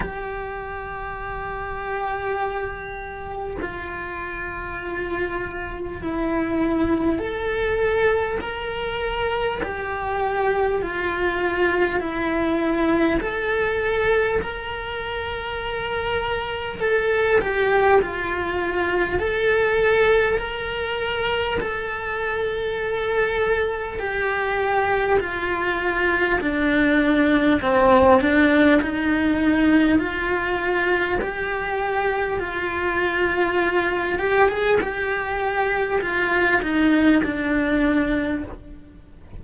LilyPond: \new Staff \with { instrumentName = "cello" } { \time 4/4 \tempo 4 = 50 g'2. f'4~ | f'4 e'4 a'4 ais'4 | g'4 f'4 e'4 a'4 | ais'2 a'8 g'8 f'4 |
a'4 ais'4 a'2 | g'4 f'4 d'4 c'8 d'8 | dis'4 f'4 g'4 f'4~ | f'8 g'16 gis'16 g'4 f'8 dis'8 d'4 | }